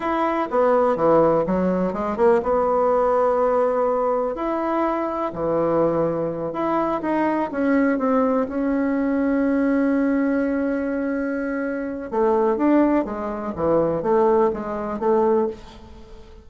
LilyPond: \new Staff \with { instrumentName = "bassoon" } { \time 4/4 \tempo 4 = 124 e'4 b4 e4 fis4 | gis8 ais8 b2.~ | b4 e'2 e4~ | e4. e'4 dis'4 cis'8~ |
cis'8 c'4 cis'2~ cis'8~ | cis'1~ | cis'4 a4 d'4 gis4 | e4 a4 gis4 a4 | }